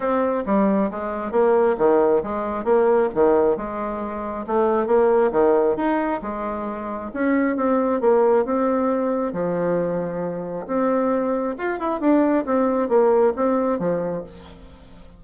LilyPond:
\new Staff \with { instrumentName = "bassoon" } { \time 4/4 \tempo 4 = 135 c'4 g4 gis4 ais4 | dis4 gis4 ais4 dis4 | gis2 a4 ais4 | dis4 dis'4 gis2 |
cis'4 c'4 ais4 c'4~ | c'4 f2. | c'2 f'8 e'8 d'4 | c'4 ais4 c'4 f4 | }